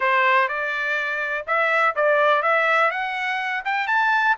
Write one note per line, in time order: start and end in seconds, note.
0.00 0.48 C5
0.48 1.45 D5
1.46 1.95 E5
1.95 2.42 D5
2.42 2.90 E5
2.91 3.63 F#5
3.64 3.87 G5
3.87 4.35 A5